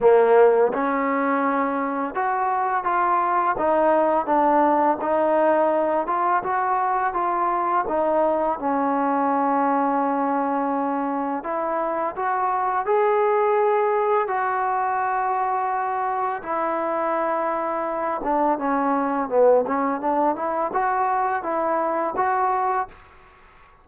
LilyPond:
\new Staff \with { instrumentName = "trombone" } { \time 4/4 \tempo 4 = 84 ais4 cis'2 fis'4 | f'4 dis'4 d'4 dis'4~ | dis'8 f'8 fis'4 f'4 dis'4 | cis'1 |
e'4 fis'4 gis'2 | fis'2. e'4~ | e'4. d'8 cis'4 b8 cis'8 | d'8 e'8 fis'4 e'4 fis'4 | }